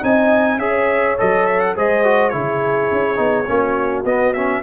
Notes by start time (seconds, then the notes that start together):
0.00 C4 D#4 D#5 G#5
0.58 C#4 G#4 C#5 E5
1.18 F#3 A4 D#5
1.46 E5
1.60 F#5
1.76 G#3 G#4 C5 D#5
2.05 F#4
2.30 C#3 E4 G#4 C#5
2.92 C#4
3.16 B3 D#4
3.47 A#3 C#4 F#4
4.04 B3 D#5
4.34 C#4 E5